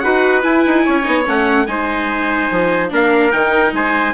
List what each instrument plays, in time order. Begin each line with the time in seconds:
0.00 bassoon D#4, viola F#4, trumpet B4 F#5
0.42 viola E4, bassoon E4, trumpet G#5
0.66 bassoon D#4
0.85 bassoon C#4, trumpet C#5
1.03 bassoon B3, viola D#4
1.25 bassoon A3, viola C#4, trumpet F#5
1.66 bassoon G#3, viola D#4, trumpet C5 G#5
2.51 bassoon F3
2.90 bassoon A#3, viola D4, trumpet A#4 F5
3.32 bassoon D#3, viola D#4, trumpet G5
3.73 bassoon G#3, trumpet C5 G#5